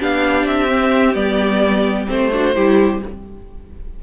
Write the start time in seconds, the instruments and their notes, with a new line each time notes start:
0.00 cello B3, viola D4, violin G4 F5
0.45 cello C4, violin E5
0.68 viola C4
1.15 cello G3, viola B3, violin D5
2.07 cello A3, viola C4, violin C5
2.32 viola D4, violin F#4
2.55 cello G3, viola E4, violin G4